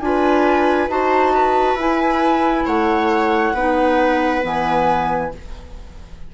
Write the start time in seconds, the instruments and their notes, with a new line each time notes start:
0.00 bassoon D4, clarinet F4, viola B4, flute G#5
0.88 bassoon D#4, clarinet F#4, viola C5, flute A5
1.34 viola B4
1.75 bassoon E4, clarinet E4, flute G#5
2.66 bassoon A3, viola C#5, flute F#5
3.53 bassoon B3, clarinet D#4, viola B4
4.42 bassoon E3, clarinet B3, flute G#5